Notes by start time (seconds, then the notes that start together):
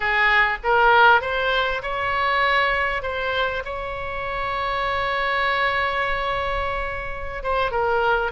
0.00 G#4
0.63 A#4
1.21 C5
1.82 C#5
3.02 C5
3.64 C#5
7.43 C5
7.71 A#4